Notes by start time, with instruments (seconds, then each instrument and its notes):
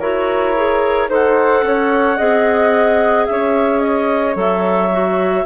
0.00 bassoon E4, clarinet F#4 C#5, flute A#4
0.56 clarinet G#4
1.10 bassoon D#4, clarinet A4 F#5, flute C5
1.63 bassoon C#4, flute C#5
2.18 bassoon C4, clarinet G#4, flute D#5
3.26 bassoon C#4, flute C#5, clarinet E5
3.80 clarinet D#5
4.35 bassoon F#3, clarinet A4 E5
4.92 clarinet F#4